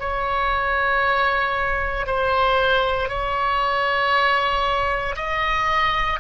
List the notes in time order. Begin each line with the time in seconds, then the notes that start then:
0.00 C#5
2.07 C5
3.09 C#5
5.16 D#5